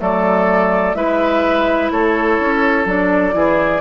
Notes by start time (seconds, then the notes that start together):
0.00 F#3 A3 A4 D5
0.95 G#3 E4 B4 E5
1.92 A3 A4 C#5
2.40 C#4
2.86 F#3 D4 D5
3.33 E3 E4 G#4